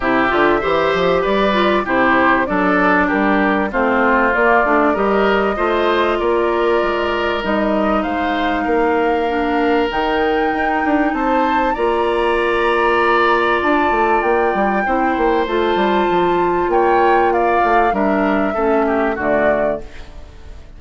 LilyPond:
<<
  \new Staff \with { instrumentName = "flute" } { \time 4/4 \tempo 4 = 97 e''2 d''4 c''4 | d''4 ais'4 c''4 d''4 | dis''2 d''2 | dis''4 f''2. |
g''2 a''4 ais''4~ | ais''2 a''4 g''4~ | g''4 a''2 g''4 | f''4 e''2 d''4 | }
  \new Staff \with { instrumentName = "oboe" } { \time 4/4 g'4 c''4 b'4 g'4 | a'4 g'4 f'2 | ais'4 c''4 ais'2~ | ais'4 c''4 ais'2~ |
ais'2 c''4 d''4~ | d''1 | c''2. cis''4 | d''4 ais'4 a'8 g'8 fis'4 | }
  \new Staff \with { instrumentName = "clarinet" } { \time 4/4 e'8 f'8 g'4. f'8 e'4 | d'2 c'4 ais8 d'8 | g'4 f'2. | dis'2. d'4 |
dis'2. f'4~ | f'1 | e'4 f'2.~ | f'4 d'4 cis'4 a4 | }
  \new Staff \with { instrumentName = "bassoon" } { \time 4/4 c8 d8 e8 f8 g4 c4 | fis4 g4 a4 ais8 a8 | g4 a4 ais4 gis4 | g4 gis4 ais2 |
dis4 dis'8 d'8 c'4 ais4~ | ais2 d'8 a8 ais8 g8 | c'8 ais8 a8 g8 f4 ais4~ | ais8 a8 g4 a4 d4 | }
>>